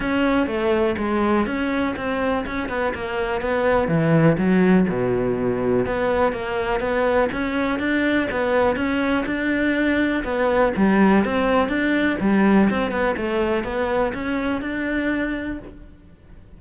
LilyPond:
\new Staff \with { instrumentName = "cello" } { \time 4/4 \tempo 4 = 123 cis'4 a4 gis4 cis'4 | c'4 cis'8 b8 ais4 b4 | e4 fis4 b,2 | b4 ais4 b4 cis'4 |
d'4 b4 cis'4 d'4~ | d'4 b4 g4 c'4 | d'4 g4 c'8 b8 a4 | b4 cis'4 d'2 | }